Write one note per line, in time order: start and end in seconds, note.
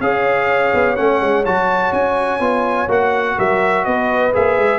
0.00 0.72 C#4
0.00 0.96 G#4
0.00 3.37 C#5
0.00 0.96 F5
0.74 0.97 B3
0.96 1.21 A3
0.96 1.44 C#4
0.96 1.44 F#5
1.21 1.45 G#3
1.45 1.92 F#3
1.45 2.40 F#4
1.45 1.93 A5
1.92 2.40 C#4
1.92 2.89 G#5
2.40 2.88 B3
2.40 2.88 F4
2.88 3.36 A#3
2.88 4.32 F#4
2.88 3.39 F#5
3.37 3.86 F#3
3.37 3.85 A#4
3.37 3.84 E5
3.84 4.34 B3
3.84 4.79 B4
3.84 4.32 D#5
4.33 4.57 A#3
4.33 4.79 G#4
4.33 4.79 E5
4.57 4.79 G#3